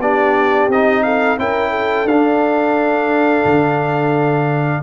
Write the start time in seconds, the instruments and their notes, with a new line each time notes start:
0.00 tuba B3, trombone D4, horn G4, trumpet D5
0.69 tuba C4, trombone D#4, trumpet D#5
1.03 horn A4, trumpet F5
1.39 tuba C#4, trombone E4, horn A#4, trumpet G5
1.70 horn A4
2.05 tuba D4, trombone D4, trumpet F5
3.45 tuba D3